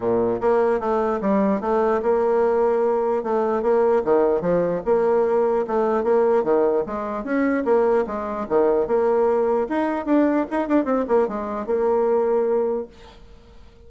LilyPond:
\new Staff \with { instrumentName = "bassoon" } { \time 4/4 \tempo 4 = 149 ais,4 ais4 a4 g4 | a4 ais2. | a4 ais4 dis4 f4 | ais2 a4 ais4 |
dis4 gis4 cis'4 ais4 | gis4 dis4 ais2 | dis'4 d'4 dis'8 d'8 c'8 ais8 | gis4 ais2. | }